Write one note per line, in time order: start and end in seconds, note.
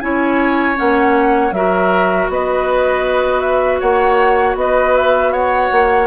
0.00 0.77 C#4
0.00 0.75 E4
0.00 1.55 C#5
0.00 0.76 G#5
0.75 1.51 A#3
0.75 1.51 C#4
0.75 1.53 F#5
1.51 2.27 F#3
1.51 6.07 F#4
1.51 2.31 A#4
1.51 2.28 E5
2.29 3.81 B3
2.29 3.79 B4
2.29 3.41 D#5
3.41 3.79 E5
3.79 4.55 A#3
3.79 4.55 C#5
3.79 4.56 F#5
4.55 5.69 B3
4.55 5.32 B4
4.55 4.95 D#5
4.95 5.33 E5
5.32 6.07 C#5
5.32 6.07 F#5
5.72 6.07 A#3